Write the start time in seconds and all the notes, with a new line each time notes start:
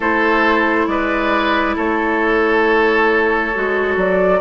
0.00 A3 E4 A4 C5
0.87 G#3 B4 D5
1.75 A3 A4 C#5
3.54 G#3 F#4
3.96 F#3 D5